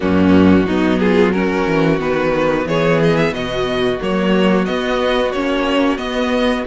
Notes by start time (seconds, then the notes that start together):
0.00 F#2 A#3 C#4 F#4
0.65 F#3 B3 D#4
0.98 F4 G#4
1.32 C#4 F#4 A#4
1.66 E3
1.98 D#3 B3 B4
2.65 E3 G#4 C#5
3.03 D#5
3.17 E5
3.32 B2 F#4 D#5
4.01 F#3 A#3 C#5
4.65 B3 D#5
5.31 A#3 C#4 C#5
5.97 B3 D#5